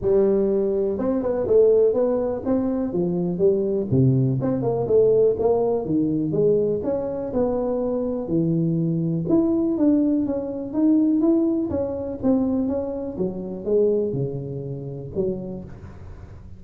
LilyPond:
\new Staff \with { instrumentName = "tuba" } { \time 4/4 \tempo 4 = 123 g2 c'8 b8 a4 | b4 c'4 f4 g4 | c4 c'8 ais8 a4 ais4 | dis4 gis4 cis'4 b4~ |
b4 e2 e'4 | d'4 cis'4 dis'4 e'4 | cis'4 c'4 cis'4 fis4 | gis4 cis2 fis4 | }